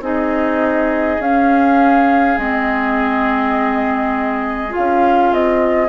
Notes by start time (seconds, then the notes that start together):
0.00 C4 D#4 G#4 D#5
1.19 C#4 F5
2.37 G#3 C4 D#5
4.69 F4 F5
4.77 C#4
5.32 C4 D#5